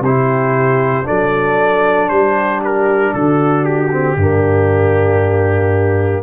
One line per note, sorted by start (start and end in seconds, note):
0.00 1.03 C3
0.00 1.03 E4
0.00 1.06 G4
0.00 1.07 C5
1.03 2.09 F#3
1.03 3.88 D4
1.03 2.10 A4
1.03 2.08 D5
2.08 3.13 G3
2.08 3.13 G4
2.08 2.60 C5
2.64 3.13 A#4
3.13 4.16 D3
3.13 4.19 F#4
3.13 3.64 A4
3.64 6.23 G4
3.91 4.17 C4
4.16 6.23 G2
4.16 6.23 A#3
4.16 6.23 D4